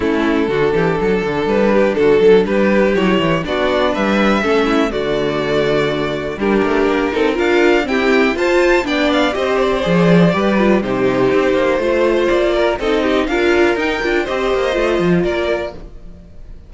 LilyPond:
<<
  \new Staff \with { instrumentName = "violin" } { \time 4/4 \tempo 4 = 122 a'2. b'4 | a'4 b'4 cis''4 d''4 | e''2 d''2~ | d''4 ais'2 f''4 |
g''4 a''4 g''8 f''8 dis''8 d''8~ | d''2 c''2~ | c''4 d''4 dis''4 f''4 | g''4 dis''2 d''4 | }
  \new Staff \with { instrumentName = "violin" } { \time 4/4 e'4 fis'8 g'8 a'4. g'8 | fis'8 a'8 g'2 fis'4 | b'4 a'8 e'8 fis'2~ | fis'4 g'4. a'8 ais'4 |
g'4 c''4 d''4 c''4~ | c''4 b'4 g'2 | c''4. ais'8 a'8 g'8 ais'4~ | ais'4 c''2 ais'4 | }
  \new Staff \with { instrumentName = "viola" } { \time 4/4 cis'4 d'2.~ | d'2 e'4 d'4~ | d'4 cis'4 a2~ | a4 d'4. dis'8 f'4 |
c'4 f'4 d'4 g'4 | gis'4 g'8 f'8 dis'2 | f'2 dis'4 f'4 | dis'8 f'8 g'4 f'2 | }
  \new Staff \with { instrumentName = "cello" } { \time 4/4 a4 d8 e8 fis8 d8 g4 | d8 fis8 g4 fis8 e8 b4 | g4 a4 d2~ | d4 g8 a8 ais8 c'8 d'4 |
e'4 f'4 b4 c'4 | f4 g4 c4 c'8 ais8 | a4 ais4 c'4 d'4 | dis'8 d'8 c'8 ais8 a8 f8 ais4 | }
>>